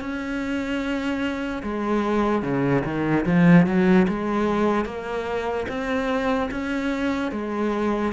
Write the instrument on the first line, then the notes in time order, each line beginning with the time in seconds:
cello
0.00 C#4
1.63 G#3
2.42 C#3
2.84 D#3
3.25 F3
3.66 F#3
4.08 G#3
4.85 A#3
5.68 C4
6.50 C#4
7.31 G#3